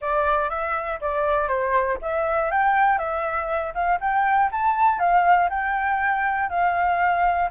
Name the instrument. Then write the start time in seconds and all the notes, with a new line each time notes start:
flute
0.01 D5
0.49 E5
1.00 D5
1.47 C5
2.01 E5
2.51 G5
2.98 E5
3.74 F5
4.00 G5
4.51 A5
4.99 F5
5.49 G5
6.49 F5